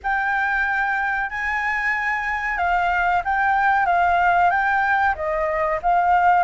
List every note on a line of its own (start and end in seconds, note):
0.03 1.30 G5
1.30 2.57 G#5
2.57 3.22 F5
3.24 3.85 G5
3.85 4.50 F5
4.50 5.14 G5
5.15 5.79 D#5
5.82 6.43 F5